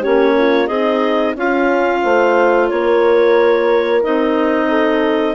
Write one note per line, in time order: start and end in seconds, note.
0.00 0.68 A#3
0.00 0.66 C#4
0.00 0.33 G4
0.00 0.67 C#5
0.37 0.70 F4
0.66 1.35 C4
0.66 1.38 D#4
0.66 1.33 G#4
0.66 1.34 D#5
1.35 2.02 C#4
1.35 4.02 F4
1.35 2.68 F5
2.02 2.71 A3
2.02 2.69 C5
2.68 4.04 A#3
2.68 4.68 A#4
2.68 4.02 C#5
4.02 5.35 C4
4.02 5.35 D#4
4.02 5.35 D#5
4.68 5.35 A4